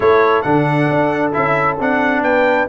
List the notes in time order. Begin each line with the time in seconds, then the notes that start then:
0.00 A3 E4 A4 C#5
0.42 D3 D4 F#5
0.90 D4
1.32 C#4 E4 E5
1.79 C4 D4 F#5
2.21 B3 B4 G5